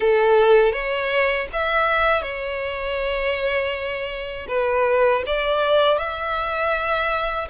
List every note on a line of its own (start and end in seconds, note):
0.00 0.72 A4
0.72 1.47 C#5
1.52 2.21 E5
2.21 4.46 C#5
4.48 5.23 B4
5.26 5.98 D5
5.98 7.48 E5